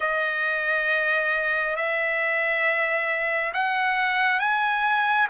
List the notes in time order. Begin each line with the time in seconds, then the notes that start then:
0.00 D#5
1.76 E5
3.53 F#5
4.39 G#5